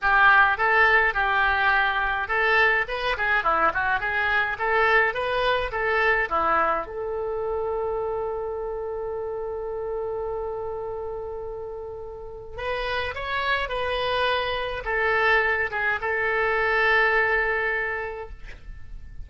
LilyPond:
\new Staff \with { instrumentName = "oboe" } { \time 4/4 \tempo 4 = 105 g'4 a'4 g'2 | a'4 b'8 gis'8 e'8 fis'8 gis'4 | a'4 b'4 a'4 e'4 | a'1~ |
a'1~ | a'2 b'4 cis''4 | b'2 a'4. gis'8 | a'1 | }